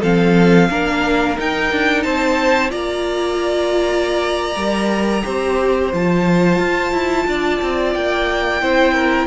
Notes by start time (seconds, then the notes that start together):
0.00 F3 C4 A4 F5
0.70 A#3 D4 A#4
1.36 D#4 G5
1.71 D4
2.03 C4 C5 A5
2.69 A#3 F4 D5 A#5
4.55 G3 A#4
5.22 C4 G4 C5
5.92 F3 F4 A5
6.58 F4
6.92 E4
7.27 D4 D5
7.61 C4
7.93 A#3 G5
8.61 C4 E4 C5
8.94 A#4